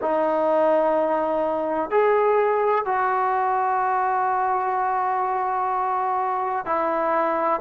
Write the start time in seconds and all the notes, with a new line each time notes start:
0.01 D#4
1.90 G#4
2.85 F#4
6.65 E4